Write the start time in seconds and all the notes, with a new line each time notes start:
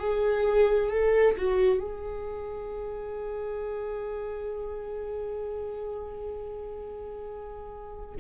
0.00 G#4
0.90 A4
1.38 F#4
1.80 G#4